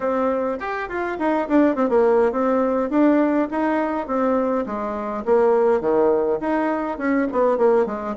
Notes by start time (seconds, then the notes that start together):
0.00 C4
0.60 G4
0.88 F4
1.18 D#4
1.48 D4
1.75 C4
1.89 A#3
2.31 C4
2.90 D4
3.50 D#4
4.07 C4
4.65 G#3
5.25 A#3
5.80 D#3
6.40 D#4
6.98 C#4
7.31 B3
7.57 A#3
7.86 G#3